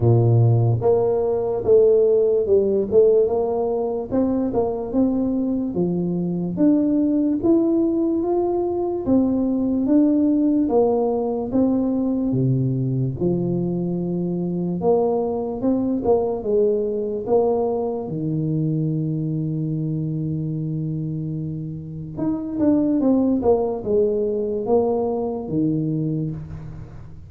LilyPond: \new Staff \with { instrumentName = "tuba" } { \time 4/4 \tempo 4 = 73 ais,4 ais4 a4 g8 a8 | ais4 c'8 ais8 c'4 f4 | d'4 e'4 f'4 c'4 | d'4 ais4 c'4 c4 |
f2 ais4 c'8 ais8 | gis4 ais4 dis2~ | dis2. dis'8 d'8 | c'8 ais8 gis4 ais4 dis4 | }